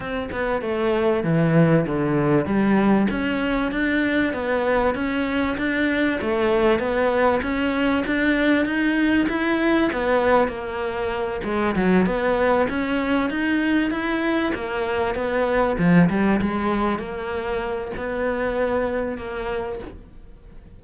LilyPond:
\new Staff \with { instrumentName = "cello" } { \time 4/4 \tempo 4 = 97 c'8 b8 a4 e4 d4 | g4 cis'4 d'4 b4 | cis'4 d'4 a4 b4 | cis'4 d'4 dis'4 e'4 |
b4 ais4. gis8 fis8 b8~ | b8 cis'4 dis'4 e'4 ais8~ | ais8 b4 f8 g8 gis4 ais8~ | ais4 b2 ais4 | }